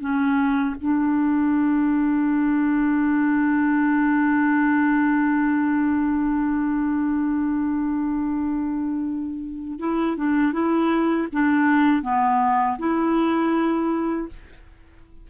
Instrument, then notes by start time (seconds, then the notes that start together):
clarinet
0.00 C#4
0.81 D4
9.79 E4
10.17 D4
10.53 E4
11.32 D4
12.02 B3
12.78 E4